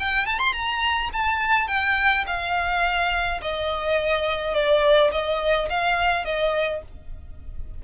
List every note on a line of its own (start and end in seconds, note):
0.00 0.26 G5
0.26 0.39 A5
0.39 0.53 C6
0.53 1.10 A#5
1.13 1.68 A5
1.68 2.25 G5
2.27 3.41 F5
3.42 4.54 D#5
4.54 5.11 D5
5.12 5.69 D#5
5.70 6.25 F5
6.25 6.82 D#5